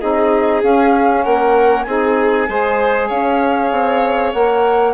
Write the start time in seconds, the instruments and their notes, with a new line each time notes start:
0.00 bassoon C4, saxophone D#4, violin G#4, flute D#5
0.62 saxophone C#4, bassoon C#4, flute F5
1.24 bassoon A#3, violin A#4, flute F#5
1.83 bassoon C4, saxophone D#4, violin G#4, flute G#5
2.49 bassoon G#3, saxophone G#4, violin C5
3.08 bassoon C#4, violin C#5, flute F5
3.72 bassoon C4
4.33 bassoon A#3, saxophone A#4, flute F#5